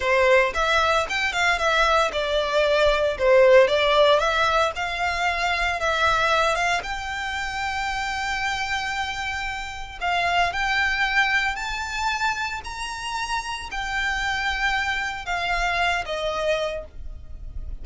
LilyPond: \new Staff \with { instrumentName = "violin" } { \time 4/4 \tempo 4 = 114 c''4 e''4 g''8 f''8 e''4 | d''2 c''4 d''4 | e''4 f''2 e''4~ | e''8 f''8 g''2.~ |
g''2. f''4 | g''2 a''2 | ais''2 g''2~ | g''4 f''4. dis''4. | }